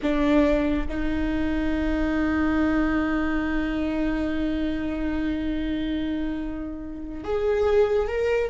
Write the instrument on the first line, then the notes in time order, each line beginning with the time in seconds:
viola
0.02 D4
0.88 D#4
7.24 G#4
8.07 A#4